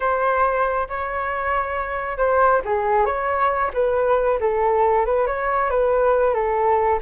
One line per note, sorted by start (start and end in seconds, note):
0.00 0.88 C5
0.89 2.17 C#5
2.17 2.61 C5
2.65 3.05 G#4
3.05 3.71 C#5
3.73 4.39 B4
4.40 5.05 A4
5.05 5.26 B4
5.26 5.70 C#5
5.70 6.33 B4
6.33 6.99 A4